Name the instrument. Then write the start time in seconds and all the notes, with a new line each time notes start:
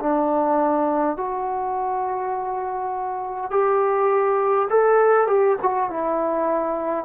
trombone
0.00 D4
1.17 F#4
3.51 G4
4.70 A4
5.27 G4
5.62 F#4
5.90 E4